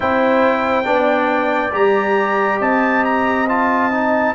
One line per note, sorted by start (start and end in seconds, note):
0.00 0.85 C4
0.00 0.84 E4
0.00 0.86 C5
0.00 1.73 G5
0.84 1.72 B3
0.84 1.70 D4
0.84 2.60 D5
1.72 2.60 G3
1.72 3.46 G4
1.72 2.61 A#5
2.60 4.34 C4
2.60 4.34 D#5
2.60 3.04 A5
3.04 3.48 A#5
3.48 3.91 F4
3.48 4.34 A5
3.91 4.34 D#4